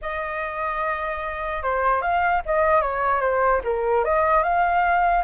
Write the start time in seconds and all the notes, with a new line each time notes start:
0.01 D#5
1.62 C5
2.01 F5
2.45 D#5
2.81 C#5
3.20 C5
3.64 A#4
4.04 D#5
4.43 F5